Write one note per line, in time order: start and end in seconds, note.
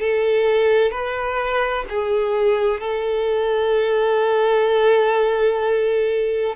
0.00 0.91 A4
0.91 1.85 B4
1.90 2.81 G#4
2.81 6.56 A4